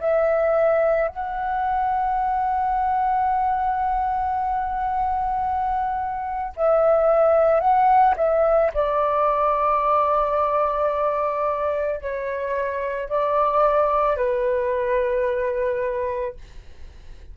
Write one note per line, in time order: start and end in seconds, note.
0.00 1.08 E5
1.08 6.54 F#5
6.57 7.60 E5
7.60 8.15 F#5
8.17 8.71 E5
8.74 12.01 D5
12.01 13.09 C#5
13.09 14.17 D5
14.17 16.35 B4